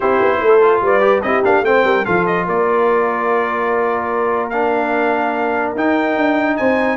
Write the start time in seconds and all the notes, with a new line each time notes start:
0.00 C4 E4 G4 C5
0.21 B3
0.40 A3 A4
0.61 F4
0.81 G3 B4 D5
1.01 G4
1.22 C4 E4 G4 D#5
1.43 A#3 D4 F5
1.62 A3 C4 C5 G5
1.83 G3 A#4
2.05 F3 F4 A4 F5
2.26 D#5
2.46 A#3 A#4 D5
4.49 D4 F5
5.75 D#4 G5
6.16 D4
6.56 C4 C5 G#5